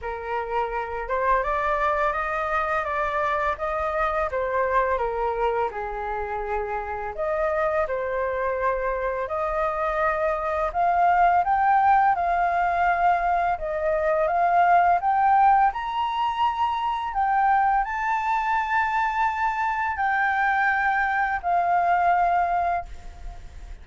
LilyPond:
\new Staff \with { instrumentName = "flute" } { \time 4/4 \tempo 4 = 84 ais'4. c''8 d''4 dis''4 | d''4 dis''4 c''4 ais'4 | gis'2 dis''4 c''4~ | c''4 dis''2 f''4 |
g''4 f''2 dis''4 | f''4 g''4 ais''2 | g''4 a''2. | g''2 f''2 | }